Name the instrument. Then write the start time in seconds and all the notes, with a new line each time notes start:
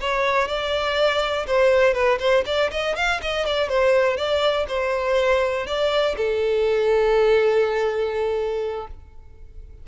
violin
0.00 C#5
0.48 D5
1.47 C5
1.94 B4
2.19 C5
2.46 D5
2.71 D#5
2.96 F5
3.21 D#5
3.45 D5
3.69 C5
4.17 D5
4.68 C5
5.66 D5
6.17 A4